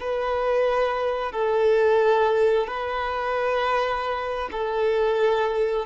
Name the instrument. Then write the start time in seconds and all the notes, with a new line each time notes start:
violin
0.00 B4
1.32 A4
2.67 B4
4.52 A4